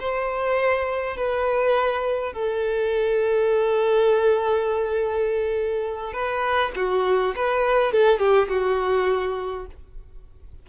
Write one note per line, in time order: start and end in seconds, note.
0.00 1.17 C5
1.17 2.33 B4
2.33 6.13 A4
6.13 6.72 B4
6.76 7.35 F#4
7.36 7.93 B4
7.93 8.19 A4
8.19 8.48 G4
8.49 9.66 F#4